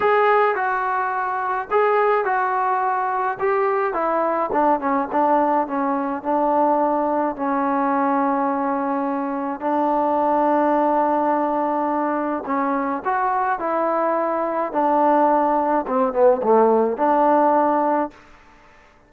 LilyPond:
\new Staff \with { instrumentName = "trombone" } { \time 4/4 \tempo 4 = 106 gis'4 fis'2 gis'4 | fis'2 g'4 e'4 | d'8 cis'8 d'4 cis'4 d'4~ | d'4 cis'2.~ |
cis'4 d'2.~ | d'2 cis'4 fis'4 | e'2 d'2 | c'8 b8 a4 d'2 | }